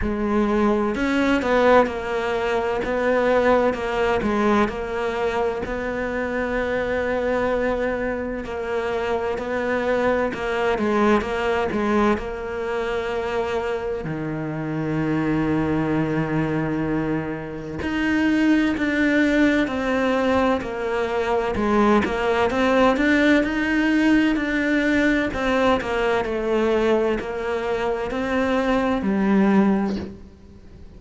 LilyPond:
\new Staff \with { instrumentName = "cello" } { \time 4/4 \tempo 4 = 64 gis4 cis'8 b8 ais4 b4 | ais8 gis8 ais4 b2~ | b4 ais4 b4 ais8 gis8 | ais8 gis8 ais2 dis4~ |
dis2. dis'4 | d'4 c'4 ais4 gis8 ais8 | c'8 d'8 dis'4 d'4 c'8 ais8 | a4 ais4 c'4 g4 | }